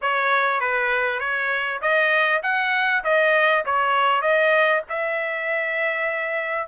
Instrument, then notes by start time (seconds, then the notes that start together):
trumpet
0.01 C#5
0.60 B4
1.19 C#5
1.81 D#5
2.42 F#5
3.04 D#5
3.65 C#5
4.21 D#5
4.89 E5